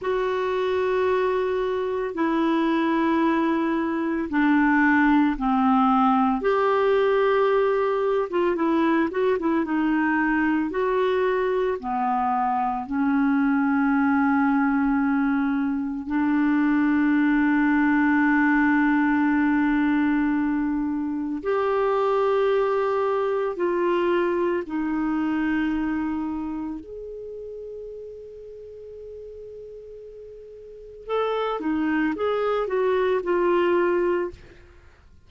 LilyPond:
\new Staff \with { instrumentName = "clarinet" } { \time 4/4 \tempo 4 = 56 fis'2 e'2 | d'4 c'4 g'4.~ g'16 f'16 | e'8 fis'16 e'16 dis'4 fis'4 b4 | cis'2. d'4~ |
d'1 | g'2 f'4 dis'4~ | dis'4 gis'2.~ | gis'4 a'8 dis'8 gis'8 fis'8 f'4 | }